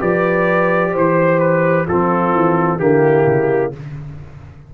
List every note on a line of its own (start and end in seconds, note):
0.00 0.94 F3
0.00 1.88 G4
0.00 0.92 B4
0.00 0.95 D5
0.92 1.88 E3
0.92 1.86 C5
0.92 1.39 C5
1.39 1.86 B4
1.86 2.34 F3
1.86 2.79 C4
1.86 2.79 F4
1.86 2.79 A4
2.34 2.79 E3
2.79 3.26 D3
2.79 3.73 A#3
2.79 3.74 E4
2.79 3.73 G4
3.27 3.74 C#3